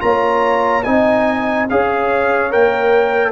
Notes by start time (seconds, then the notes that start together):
0.00 A#3 F4 C#5 A#5
0.83 C4 D#4 D#5 G#5
1.69 C#4 G#4 C#5 F5
2.51 A#3 A#4 G5